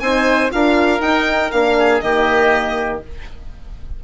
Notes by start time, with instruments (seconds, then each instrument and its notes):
0.00 bassoon C4, horn D#4, oboe C5, violin G#5
0.51 bassoon D4, horn F4, oboe A#4, violin F5
1.00 bassoon D#4, horn D#4, violin G5
1.52 bassoon A#3, horn D4, violin F5
1.79 oboe G#4
2.01 bassoon D#3, horn A#3, oboe G4, violin D#5